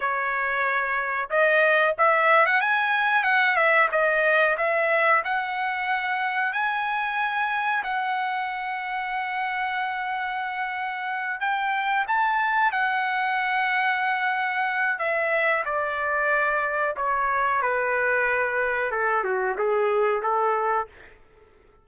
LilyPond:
\new Staff \with { instrumentName = "trumpet" } { \time 4/4 \tempo 4 = 92 cis''2 dis''4 e''8. fis''16 | gis''4 fis''8 e''8 dis''4 e''4 | fis''2 gis''2 | fis''1~ |
fis''4. g''4 a''4 fis''8~ | fis''2. e''4 | d''2 cis''4 b'4~ | b'4 a'8 fis'8 gis'4 a'4 | }